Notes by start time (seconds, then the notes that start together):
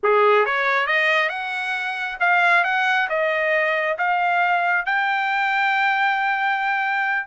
0.03 G#4
0.45 C#5
0.86 D#5
1.29 F#5
2.20 F5
2.64 F#5
3.09 D#5
3.98 F5
4.85 G5